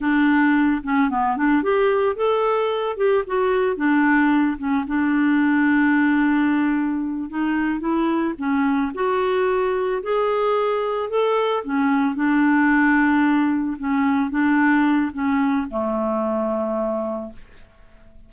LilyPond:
\new Staff \with { instrumentName = "clarinet" } { \time 4/4 \tempo 4 = 111 d'4. cis'8 b8 d'8 g'4 | a'4. g'8 fis'4 d'4~ | d'8 cis'8 d'2.~ | d'4. dis'4 e'4 cis'8~ |
cis'8 fis'2 gis'4.~ | gis'8 a'4 cis'4 d'4.~ | d'4. cis'4 d'4. | cis'4 a2. | }